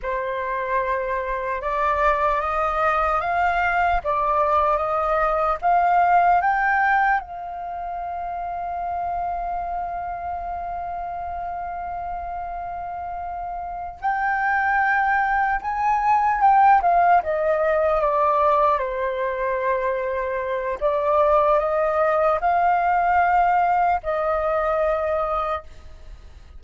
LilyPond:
\new Staff \with { instrumentName = "flute" } { \time 4/4 \tempo 4 = 75 c''2 d''4 dis''4 | f''4 d''4 dis''4 f''4 | g''4 f''2.~ | f''1~ |
f''4. g''2 gis''8~ | gis''8 g''8 f''8 dis''4 d''4 c''8~ | c''2 d''4 dis''4 | f''2 dis''2 | }